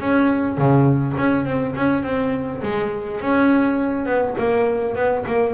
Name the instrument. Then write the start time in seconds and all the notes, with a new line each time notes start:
double bass
0.00 C#4
0.57 C#3
1.17 C#4
1.45 C4
1.75 C#4
2.03 C4
2.62 G#3
3.21 C#4
4.05 B3
4.38 A#3
4.95 B3
5.26 A#3